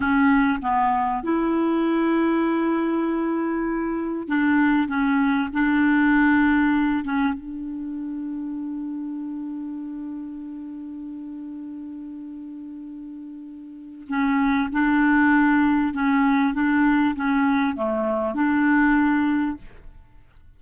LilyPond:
\new Staff \with { instrumentName = "clarinet" } { \time 4/4 \tempo 4 = 98 cis'4 b4 e'2~ | e'2. d'4 | cis'4 d'2~ d'8 cis'8 | d'1~ |
d'1~ | d'2. cis'4 | d'2 cis'4 d'4 | cis'4 a4 d'2 | }